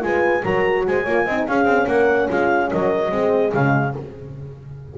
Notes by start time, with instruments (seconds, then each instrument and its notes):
0.00 double bass G#3, horn F4 B4, clarinet G#5
0.43 double bass F#3, horn F#4 A#4, clarinet A#5
0.86 double bass G#3, horn C5, clarinet G#5
1.03 double bass A#3, horn F4 C#5
1.25 double bass C4, horn D#4 D#5
1.47 double bass C#4, horn C#4 G#4, clarinet F5
1.64 double bass C4
1.87 double bass A#3, horn A#4, clarinet F#5
2.29 double bass G#3, horn F4, clarinet F5
2.71 double bass F#3, horn A#4, clarinet D#5
3.10 double bass G#3, horn C4 G#4
3.51 double bass C#3, horn G#3, clarinet F5